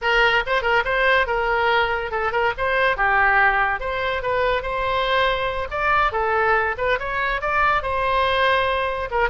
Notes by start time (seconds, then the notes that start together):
0.01 A#4
0.46 C5
0.62 A#4
0.84 C5
1.27 A#4
2.11 A4
2.31 A#4
2.57 C5
2.96 G4
3.80 C5
4.22 B4
4.62 C5
5.70 D5
6.12 A4
6.77 B4
6.99 C#5
7.41 D5
7.82 C5
9.10 A#4